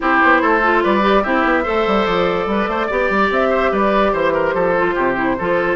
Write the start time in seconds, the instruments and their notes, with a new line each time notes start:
0.00 bassoon C4, clarinet E4, oboe G4, flute C5
0.22 bassoon B3
0.41 bassoon A3, oboe A4
0.62 clarinet F4
0.83 bassoon G3, oboe B4, flute D5
1.01 clarinet G4
1.23 bassoon C4, clarinet E4, oboe G4, flute E5
1.44 bassoon B3
1.63 bassoon A3, clarinet A4, oboe C5
1.86 bassoon G3
2.06 bassoon F3, flute D5
2.46 bassoon G3, oboe B4
2.67 bassoon A3, oboe C5
2.86 bassoon B3, clarinet G4, oboe D5
3.10 bassoon G3
3.30 bassoon C4, flute E5
3.49 oboe C5
3.71 bassoon G3, oboe B4, flute D5
4.12 bassoon E3, oboe C5, flute C5
4.33 oboe A#4
4.53 bassoon F3, oboe A4
4.77 clarinet F4
4.94 bassoon C3, oboe G4
5.15 clarinet E4
5.38 bassoon F3, clarinet F4, oboe A4